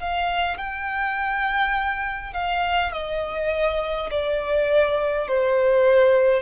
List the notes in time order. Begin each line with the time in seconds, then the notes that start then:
0.00 F5
0.57 G5
2.34 F5
2.93 D#5
4.11 D5
5.28 C5